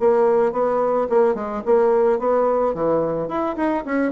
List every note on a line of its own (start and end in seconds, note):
0.00 0.53 A#3
0.53 1.08 B3
1.09 1.35 A#3
1.35 1.62 G#3
1.66 2.19 A#3
2.19 2.74 B3
2.74 3.29 E3
3.29 3.56 E4
3.56 3.84 D#4
3.86 4.12 C#4